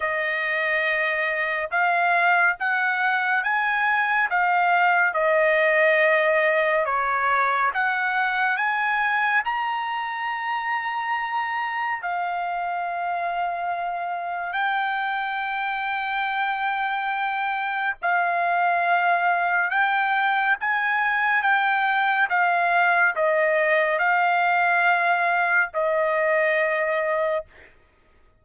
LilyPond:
\new Staff \with { instrumentName = "trumpet" } { \time 4/4 \tempo 4 = 70 dis''2 f''4 fis''4 | gis''4 f''4 dis''2 | cis''4 fis''4 gis''4 ais''4~ | ais''2 f''2~ |
f''4 g''2.~ | g''4 f''2 g''4 | gis''4 g''4 f''4 dis''4 | f''2 dis''2 | }